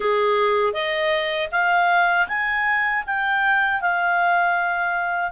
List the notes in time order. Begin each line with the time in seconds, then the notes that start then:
0.00 G#4
0.72 D#5
1.51 F5
2.28 G#5
3.06 G5
3.81 F5